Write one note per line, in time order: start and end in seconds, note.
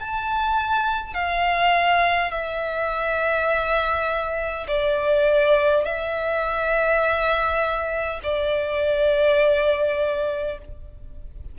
0.00 1.14 A5
1.14 2.32 F5
2.32 4.67 E5
4.68 5.85 D5
5.85 8.20 E5
8.23 10.58 D5